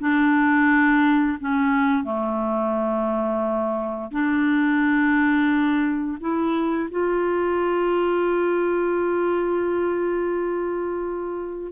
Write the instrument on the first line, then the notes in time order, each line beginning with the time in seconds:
clarinet
0.00 D4
1.40 C#4
2.04 A3
4.11 D4
6.20 E4
6.91 F4